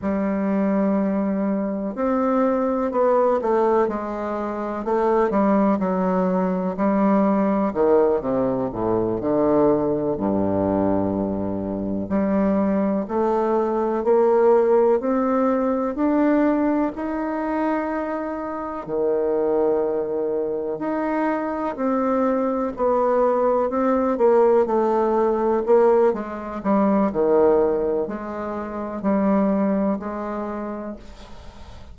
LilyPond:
\new Staff \with { instrumentName = "bassoon" } { \time 4/4 \tempo 4 = 62 g2 c'4 b8 a8 | gis4 a8 g8 fis4 g4 | dis8 c8 a,8 d4 g,4.~ | g,8 g4 a4 ais4 c'8~ |
c'8 d'4 dis'2 dis8~ | dis4. dis'4 c'4 b8~ | b8 c'8 ais8 a4 ais8 gis8 g8 | dis4 gis4 g4 gis4 | }